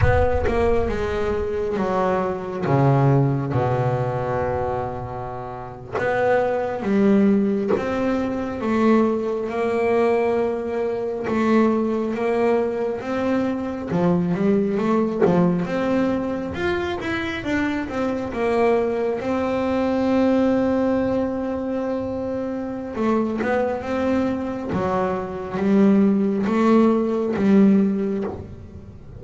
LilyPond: \new Staff \with { instrumentName = "double bass" } { \time 4/4 \tempo 4 = 68 b8 ais8 gis4 fis4 cis4 | b,2~ b,8. b4 g16~ | g8. c'4 a4 ais4~ ais16~ | ais8. a4 ais4 c'4 f16~ |
f16 g8 a8 f8 c'4 f'8 e'8 d'16~ | d'16 c'8 ais4 c'2~ c'16~ | c'2 a8 b8 c'4 | fis4 g4 a4 g4 | }